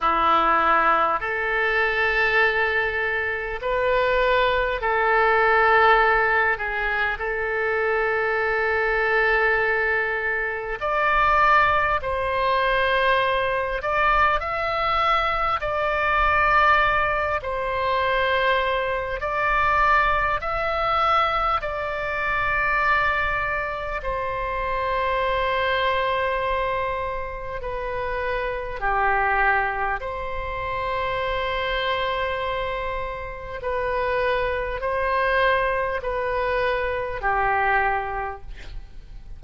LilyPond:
\new Staff \with { instrumentName = "oboe" } { \time 4/4 \tempo 4 = 50 e'4 a'2 b'4 | a'4. gis'8 a'2~ | a'4 d''4 c''4. d''8 | e''4 d''4. c''4. |
d''4 e''4 d''2 | c''2. b'4 | g'4 c''2. | b'4 c''4 b'4 g'4 | }